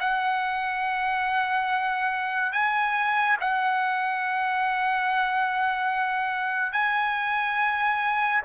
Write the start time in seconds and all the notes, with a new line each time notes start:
0.00 F#5
2.52 G#5
3.40 F#5
6.73 G#5